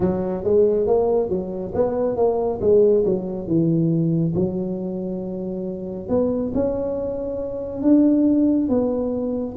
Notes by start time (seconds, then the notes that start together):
0.00 F#3
0.43 G#3
0.87 A#3
1.29 F#3
1.74 B3
2.16 A#3
2.61 G#3
3.05 F#3
3.47 E3
4.35 F#3
6.08 B3
6.54 C#4
7.82 D4
8.68 B3